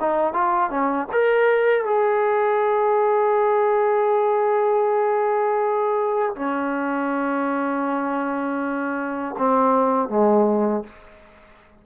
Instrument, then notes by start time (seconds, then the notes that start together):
trombone
0.00 D#4
0.33 F4
0.70 C#4
1.12 A#4
1.85 G#4
6.35 C#4
9.38 C4
10.09 G#3